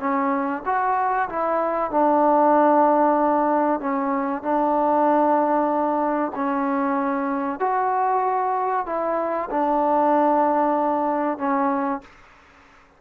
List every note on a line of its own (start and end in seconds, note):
0.00 0.63 C#4
0.66 1.29 F#4
1.29 1.91 E4
1.91 3.80 D4
3.80 4.43 C#4
4.43 6.32 D4
6.36 7.60 C#4
7.60 8.86 F#4
8.86 9.49 E4
9.51 11.38 D4
11.38 12.01 C#4